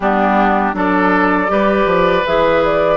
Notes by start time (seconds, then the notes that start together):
0.00 G3 B3 D4 G4
0.73 F#3 D4 A4 D5
1.48 G3 G4 B4
1.85 F3
2.26 E3 G#4 E5
2.64 D5